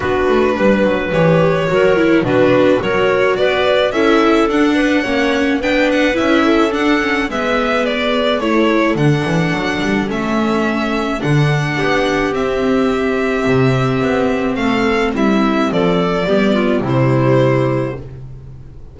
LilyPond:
<<
  \new Staff \with { instrumentName = "violin" } { \time 4/4 \tempo 4 = 107 b'2 cis''2 | b'4 cis''4 d''4 e''4 | fis''2 g''8 fis''8 e''4 | fis''4 e''4 d''4 cis''4 |
fis''2 e''2 | fis''2 e''2~ | e''2 f''4 e''4 | d''2 c''2 | }
  \new Staff \with { instrumentName = "clarinet" } { \time 4/4 fis'4 b'2 ais'4 | fis'4 ais'4 b'4 a'4~ | a'8 b'8 cis''4 b'4. a'8~ | a'4 b'2 a'4~ |
a'1~ | a'4 g'2.~ | g'2 a'4 e'4 | a'4 g'8 f'8 e'2 | }
  \new Staff \with { instrumentName = "viola" } { \time 4/4 d'2 g'4 fis'8 e'8 | d'4 fis'2 e'4 | d'4 cis'4 d'4 e'4 | d'8 cis'8 b2 e'4 |
d'2 cis'2 | d'2 c'2~ | c'1~ | c'4 b4 g2 | }
  \new Staff \with { instrumentName = "double bass" } { \time 4/4 b8 a8 g8 fis8 e4 fis4 | b,4 fis4 b4 cis'4 | d'4 ais4 b4 cis'4 | d'4 gis2 a4 |
d8 e8 fis8 g8 a2 | d4 b4 c'2 | c4 b4 a4 g4 | f4 g4 c2 | }
>>